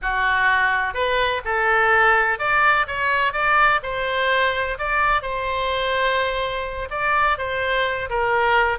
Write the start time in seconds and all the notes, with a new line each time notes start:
0.02 F#4
0.94 B4
1.44 A4
2.38 D5
2.87 C#5
3.32 D5
3.82 C5
4.78 D5
5.22 C5
6.90 D5
7.37 C5
8.09 A#4